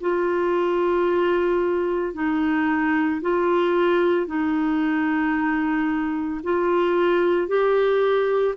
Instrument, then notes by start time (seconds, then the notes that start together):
clarinet
0.00 F4
2.13 D#4
3.21 F4
4.26 D#4
6.43 F4
7.47 G4